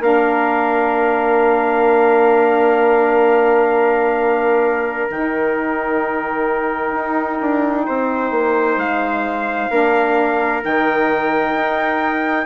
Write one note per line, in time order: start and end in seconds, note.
0.00 5.08 A#3
0.00 5.09 D4
0.00 7.87 A#4
0.00 5.11 F5
5.10 6.93 D#3
5.10 9.71 D#4
5.10 8.79 G5
6.93 7.39 D#4
7.41 7.87 D4
7.87 8.31 C4
7.87 9.71 C5
8.31 8.77 A#3
8.77 9.69 G#3
8.77 10.64 F5
9.71 10.63 A#3
9.71 10.62 D4
9.71 12.46 A#4
10.62 11.55 D#3
10.62 12.46 D#4
10.62 12.46 G5
11.55 12.46 D#4